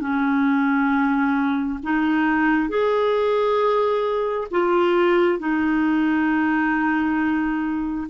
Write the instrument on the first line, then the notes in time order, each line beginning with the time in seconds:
clarinet
0.00 C#4
1.83 D#4
2.69 G#4
4.51 F4
5.39 D#4